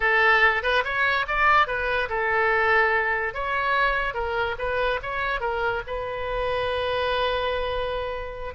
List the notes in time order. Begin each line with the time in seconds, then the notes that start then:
0.00 A4
0.62 B4
0.84 C#5
1.27 D5
1.67 B4
2.09 A4
3.34 C#5
4.14 A#4
4.58 B4
5.02 C#5
5.40 A#4
5.87 B4